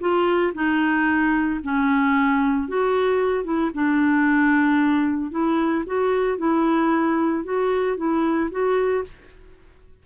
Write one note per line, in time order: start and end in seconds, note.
0.00 0.53 F4
0.54 1.60 D#4
1.63 2.68 C#4
2.68 3.44 F#4
3.44 3.70 E4
3.74 5.31 D4
5.31 5.84 E4
5.86 6.38 F#4
6.38 7.44 E4
7.44 7.97 F#4
7.97 8.50 E4
8.51 9.04 F#4